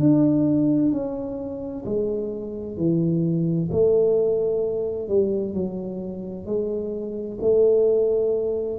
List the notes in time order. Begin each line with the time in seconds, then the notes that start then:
0.00 D4
0.92 C#4
1.85 G#3
2.77 E3
3.72 A3
5.09 G3
5.54 F#3
6.46 G#3
7.41 A3